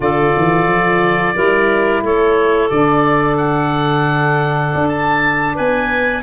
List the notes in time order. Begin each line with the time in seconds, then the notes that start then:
0.00 D3 F4 A4 D5
0.37 E3
0.65 F3
1.34 G3 E4 A#4
2.02 A3 A4 C#5
2.69 D3 D4 D5
3.37 F#5
4.74 D4
4.88 A5
5.54 B3 B4 G#5